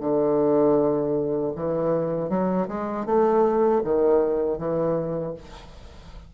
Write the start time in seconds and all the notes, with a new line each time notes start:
0.00 D3
1.55 E3
2.29 F#3
2.68 G#3
3.06 A3
3.84 D#3
4.58 E3